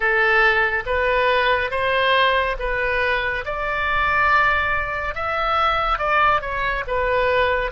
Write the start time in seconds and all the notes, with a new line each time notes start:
0.00 A4
0.86 B4
1.70 C5
2.59 B4
3.45 D5
5.14 E5
5.98 D5
6.41 C#5
6.87 B4